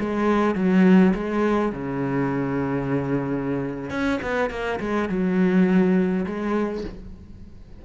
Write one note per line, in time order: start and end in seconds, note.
0.00 0.55 G#3
0.55 1.13 F#3
1.14 1.72 G#3
1.72 3.90 C#3
3.90 4.19 C#4
4.22 4.50 B3
4.50 4.79 A#3
4.80 5.09 G#3
5.09 6.25 F#3
6.26 6.84 G#3